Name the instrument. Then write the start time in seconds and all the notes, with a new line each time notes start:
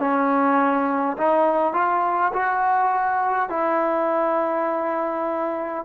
trombone
0.00 C#4
1.18 D#4
1.74 F4
2.34 F#4
3.50 E4